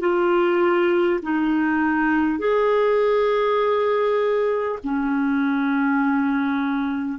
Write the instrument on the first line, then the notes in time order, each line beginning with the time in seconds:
clarinet
0.00 F4
1.23 D#4
2.39 G#4
4.84 C#4